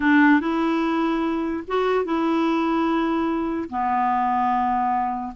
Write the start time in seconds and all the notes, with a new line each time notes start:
0.00 D4
0.40 E4
1.67 F#4
2.04 E4
3.69 B3